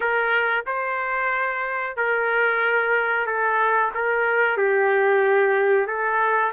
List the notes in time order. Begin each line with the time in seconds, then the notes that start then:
0.00 A#4
0.66 C5
1.96 A#4
3.26 A4
3.94 A#4
4.57 G4
5.87 A4